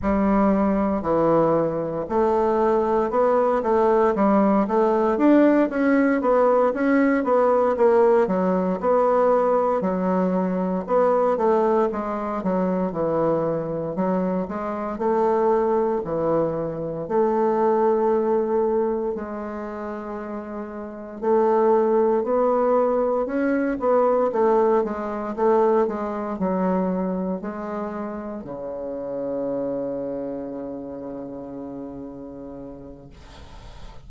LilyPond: \new Staff \with { instrumentName = "bassoon" } { \time 4/4 \tempo 4 = 58 g4 e4 a4 b8 a8 | g8 a8 d'8 cis'8 b8 cis'8 b8 ais8 | fis8 b4 fis4 b8 a8 gis8 | fis8 e4 fis8 gis8 a4 e8~ |
e8 a2 gis4.~ | gis8 a4 b4 cis'8 b8 a8 | gis8 a8 gis8 fis4 gis4 cis8~ | cis1 | }